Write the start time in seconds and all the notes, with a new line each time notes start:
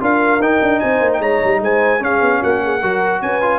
0.00 D4 F4 A#4 F5
0.40 D#4 G5
0.62 D4
0.80 C4 C5 G#5
1.01 A#3
1.13 G5
1.19 G#3 C#5 A#5
1.44 G3
1.61 G#3 C5 G#5
1.99 C#4 G#4 F5
2.21 B3
2.41 A#3 F#4 F#5
2.63 G#4
2.81 F#3 F#4 A#4
3.22 C#4 B4 G#5
3.42 F4